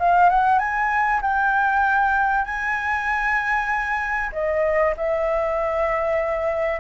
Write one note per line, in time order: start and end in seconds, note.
0.00 0.30 F5
0.30 0.59 F#5
0.59 1.21 G#5
1.22 2.45 G5
2.45 4.30 G#5
4.32 4.94 D#5
4.97 6.80 E5